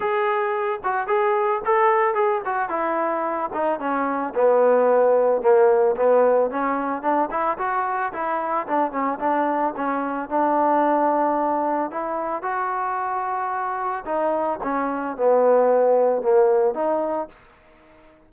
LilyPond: \new Staff \with { instrumentName = "trombone" } { \time 4/4 \tempo 4 = 111 gis'4. fis'8 gis'4 a'4 | gis'8 fis'8 e'4. dis'8 cis'4 | b2 ais4 b4 | cis'4 d'8 e'8 fis'4 e'4 |
d'8 cis'8 d'4 cis'4 d'4~ | d'2 e'4 fis'4~ | fis'2 dis'4 cis'4 | b2 ais4 dis'4 | }